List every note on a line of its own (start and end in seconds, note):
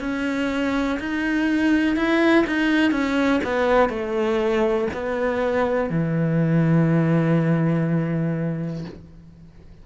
0.00 0.98 C#4
0.99 1.96 D#4
1.96 2.45 E4
2.46 2.92 D#4
2.92 3.41 C#4
3.44 3.89 B3
3.89 4.88 A3
4.93 5.90 B3
5.90 8.85 E3